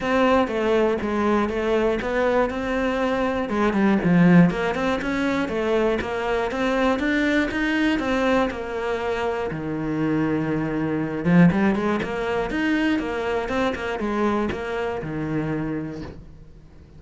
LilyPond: \new Staff \with { instrumentName = "cello" } { \time 4/4 \tempo 4 = 120 c'4 a4 gis4 a4 | b4 c'2 gis8 g8 | f4 ais8 c'8 cis'4 a4 | ais4 c'4 d'4 dis'4 |
c'4 ais2 dis4~ | dis2~ dis8 f8 g8 gis8 | ais4 dis'4 ais4 c'8 ais8 | gis4 ais4 dis2 | }